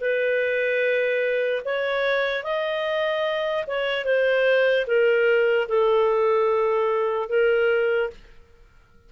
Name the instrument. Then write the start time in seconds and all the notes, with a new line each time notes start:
clarinet
0.00 B4
1.65 C#5
2.43 D#5
3.67 C#5
4.05 C5
4.86 A#4
5.68 A4
7.29 A#4